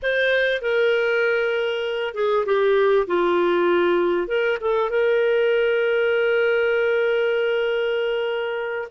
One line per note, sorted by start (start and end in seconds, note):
0.02 0.61 C5
0.61 2.14 A#4
2.14 2.45 G#4
2.45 3.06 G4
3.07 4.27 F4
4.27 4.58 A#4
4.60 4.90 A4
4.90 8.88 A#4